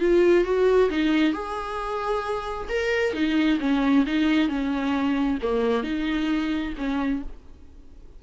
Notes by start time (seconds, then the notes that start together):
0.00 F4
0.45 F#4
0.90 D#4
1.33 G#4
2.69 A#4
3.14 D#4
3.60 C#4
4.07 D#4
4.49 C#4
5.42 A#3
5.84 D#4
6.78 C#4